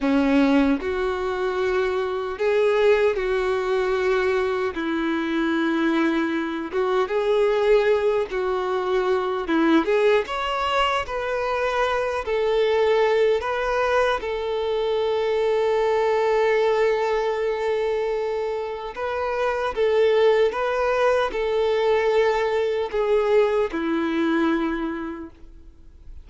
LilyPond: \new Staff \with { instrumentName = "violin" } { \time 4/4 \tempo 4 = 76 cis'4 fis'2 gis'4 | fis'2 e'2~ | e'8 fis'8 gis'4. fis'4. | e'8 gis'8 cis''4 b'4. a'8~ |
a'4 b'4 a'2~ | a'1 | b'4 a'4 b'4 a'4~ | a'4 gis'4 e'2 | }